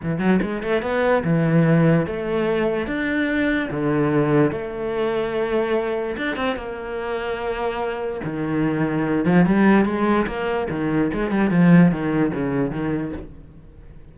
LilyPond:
\new Staff \with { instrumentName = "cello" } { \time 4/4 \tempo 4 = 146 e8 fis8 gis8 a8 b4 e4~ | e4 a2 d'4~ | d'4 d2 a4~ | a2. d'8 c'8 |
ais1 | dis2~ dis8 f8 g4 | gis4 ais4 dis4 gis8 g8 | f4 dis4 cis4 dis4 | }